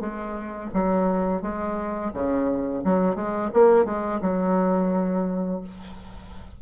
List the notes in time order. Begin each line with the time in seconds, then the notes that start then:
0.00 G#3
0.74 F#3
1.41 G#3
2.13 C#3
2.84 F#3
3.15 G#3
3.53 A#3
3.85 G#3
4.21 F#3